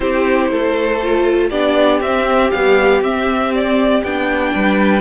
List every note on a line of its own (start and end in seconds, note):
0.00 0.50 C4
0.00 0.99 E4
0.00 0.51 G4
0.00 1.49 C5
0.50 1.50 A3
0.50 1.50 A4
1.02 1.51 F4
1.50 2.00 B3
1.50 2.02 D4
1.50 4.52 G4
1.50 2.00 D5
2.00 2.50 C4
2.00 2.51 C4
2.00 2.50 E5
2.50 3.01 G3
2.50 3.01 B3
2.50 3.01 F5
3.01 4.02 C4
3.01 4.03 C4
3.01 3.53 E5
3.55 4.03 D5
4.03 4.54 B3
4.03 5.00 D4
4.03 5.00 G5
4.55 5.00 G3
4.55 5.00 B4